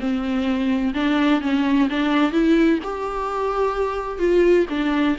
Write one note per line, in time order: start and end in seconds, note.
0.00 0.94 C4
0.94 1.41 D4
1.41 1.88 C#4
1.90 2.32 D4
2.32 2.79 E4
2.84 4.19 G4
4.19 4.66 F4
4.70 5.17 D4